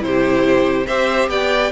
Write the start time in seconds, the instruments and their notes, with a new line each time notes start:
0.00 cello C3, viola E4, violin C5
0.07 violin G4
0.87 cello C4, viola G4, violin C5 E5
1.29 cello B3, violin D5 G5